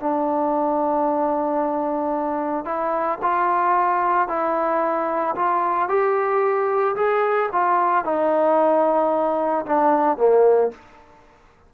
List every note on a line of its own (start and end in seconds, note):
0.00 2.65 D4
2.65 3.19 E4
3.22 4.28 F4
4.28 5.35 E4
5.36 5.89 F4
5.89 6.96 G4
6.96 7.50 G#4
7.52 8.05 F4
8.05 9.66 D#4
9.66 10.18 D4
10.18 10.71 A#3